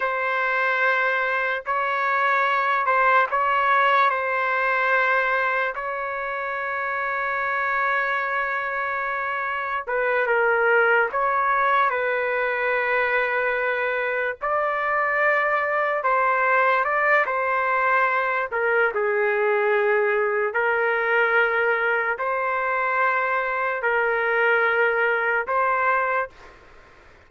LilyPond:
\new Staff \with { instrumentName = "trumpet" } { \time 4/4 \tempo 4 = 73 c''2 cis''4. c''8 | cis''4 c''2 cis''4~ | cis''1 | b'8 ais'4 cis''4 b'4.~ |
b'4. d''2 c''8~ | c''8 d''8 c''4. ais'8 gis'4~ | gis'4 ais'2 c''4~ | c''4 ais'2 c''4 | }